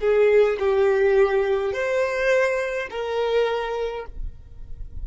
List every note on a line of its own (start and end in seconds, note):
0.00 0.58 G#4
0.59 1.73 G4
1.73 2.88 C5
2.91 4.06 A#4